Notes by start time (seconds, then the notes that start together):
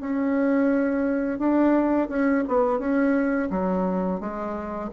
0.00 C#4
1.38 D4
2.09 C#4
2.48 B3
2.79 C#4
3.50 F#3
4.20 G#3